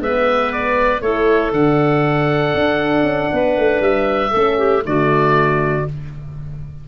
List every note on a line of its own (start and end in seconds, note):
0.00 1.01 G#3
0.00 1.02 B3
0.00 1.02 B4
0.00 0.52 E5
0.52 1.01 D5
1.01 1.52 A3
1.01 1.52 E4
1.01 3.31 A4
1.01 1.52 C#5
1.52 2.53 D3
1.52 4.32 D4
1.52 3.82 F#5
2.54 3.03 D4
3.03 3.28 C#4
3.32 3.57 B3
3.32 4.31 B4
3.57 3.80 A3
3.80 4.31 G3
3.80 4.83 E5
4.31 4.85 A3
4.31 4.82 C#4
4.31 4.56 A4
4.57 4.83 G4
4.82 5.87 D3
4.82 5.84 A3
4.82 5.88 F#4
4.82 5.87 D5